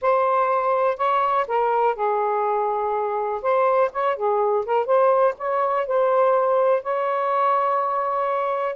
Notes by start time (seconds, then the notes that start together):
0.01 C5
0.97 C#5
1.47 A#4
1.95 G#4
3.41 C5
3.92 C#5
4.16 G#4
4.65 A#4
4.85 C5
5.38 C#5
5.87 C5
6.82 C#5